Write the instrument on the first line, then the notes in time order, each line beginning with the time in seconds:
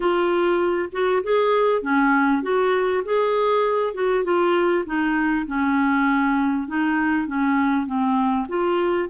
clarinet
0.00 F4
0.91 F#4
1.23 G#4
1.82 C#4
2.42 F#4
3.05 G#4
3.94 F#4
4.23 F4
4.85 D#4
5.46 C#4
6.67 D#4
7.27 C#4
7.86 C4
8.48 F4